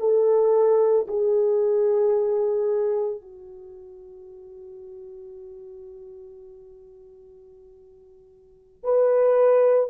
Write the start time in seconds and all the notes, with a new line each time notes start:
0.00 A4
1.08 G#4
3.22 F#4
8.84 B4